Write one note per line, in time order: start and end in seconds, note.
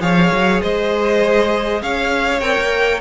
0.00 0.30 F3
0.00 2.40 G#4
0.00 0.62 C#5
0.00 0.61 F5
0.31 0.61 F#3
0.62 1.82 G#3
0.62 1.82 C5
0.62 1.82 D#5
1.82 2.41 C#4
1.82 3.01 C#5
1.82 2.40 F5
2.40 2.56 C4
2.40 3.01 A#4
2.40 3.00 G5
2.58 3.01 A#3